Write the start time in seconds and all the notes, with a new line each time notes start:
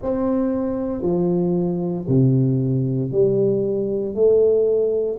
0.02 C4
1.02 F3
2.08 C3
3.11 G3
4.14 A3